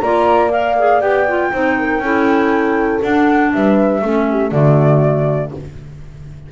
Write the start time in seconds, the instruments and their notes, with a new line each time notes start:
0.00 double bass A#3, clarinet F4, horn D5, flute A#5
0.50 clarinet A#4, flute F5
0.78 clarinet G#4
1.01 double bass B3, clarinet G4, flute G5
1.28 clarinet F4
1.52 double bass C4, clarinet D#4, horn C5
1.78 horn A#4
1.99 double bass C#4, clarinet E4, horn A4
3.02 clarinet D4, double bass D4, flute F#5
3.53 double bass G3, horn B4, flute E5
4.01 double bass A3, clarinet C#4, horn A4
4.30 horn G4
4.51 double bass D3, clarinet A3, horn F#4, flute D5